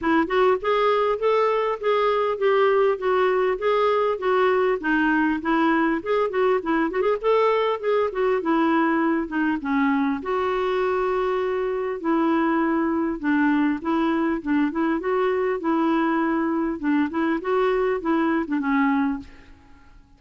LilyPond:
\new Staff \with { instrumentName = "clarinet" } { \time 4/4 \tempo 4 = 100 e'8 fis'8 gis'4 a'4 gis'4 | g'4 fis'4 gis'4 fis'4 | dis'4 e'4 gis'8 fis'8 e'8 fis'16 gis'16 | a'4 gis'8 fis'8 e'4. dis'8 |
cis'4 fis'2. | e'2 d'4 e'4 | d'8 e'8 fis'4 e'2 | d'8 e'8 fis'4 e'8. d'16 cis'4 | }